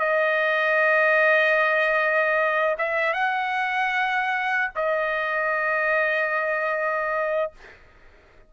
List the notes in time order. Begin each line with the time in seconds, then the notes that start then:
0.00 D#5
2.78 E5
3.14 F#5
4.76 D#5